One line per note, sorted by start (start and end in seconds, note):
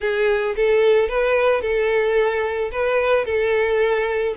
0.00 0.55 G#4
0.56 1.08 A4
1.08 1.61 B4
1.61 2.70 A4
2.71 3.25 B4
3.25 4.34 A4